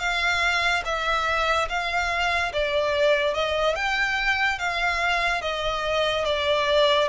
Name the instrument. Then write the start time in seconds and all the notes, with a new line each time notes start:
violin
0.00 F5
0.85 E5
1.69 F5
2.53 D5
3.34 D#5
3.76 G5
4.59 F5
5.42 D#5
6.25 D5